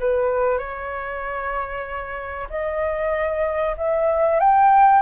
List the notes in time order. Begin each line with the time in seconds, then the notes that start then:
0.00 B4
0.59 C#5
2.50 D#5
3.77 E5
4.40 G5